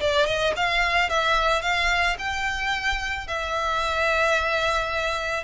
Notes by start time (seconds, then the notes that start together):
0.00 D5
0.26 D#5
0.57 F5
1.09 E5
1.62 F5
2.19 G5
3.27 E5